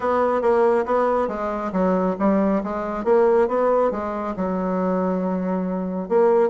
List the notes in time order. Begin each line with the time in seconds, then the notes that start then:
0.00 B3
0.41 A#3
0.85 B3
1.27 G#3
1.72 F#3
2.19 G3
2.63 G#3
3.04 A#3
3.48 B3
3.91 G#3
4.36 F#3
6.08 A#3